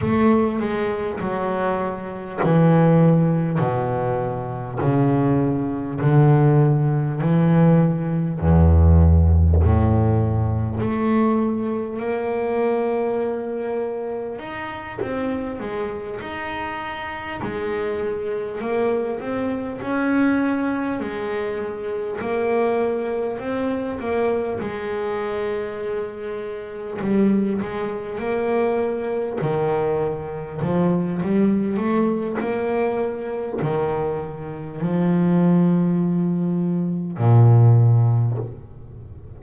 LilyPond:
\new Staff \with { instrumentName = "double bass" } { \time 4/4 \tempo 4 = 50 a8 gis8 fis4 e4 b,4 | cis4 d4 e4 e,4 | a,4 a4 ais2 | dis'8 c'8 gis8 dis'4 gis4 ais8 |
c'8 cis'4 gis4 ais4 c'8 | ais8 gis2 g8 gis8 ais8~ | ais8 dis4 f8 g8 a8 ais4 | dis4 f2 ais,4 | }